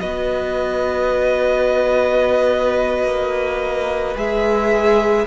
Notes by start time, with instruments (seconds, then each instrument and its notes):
0.00 cello B3, viola F#4, violin B4 D#5
3.04 cello A#3
4.15 cello G#3, viola G#4, violin E5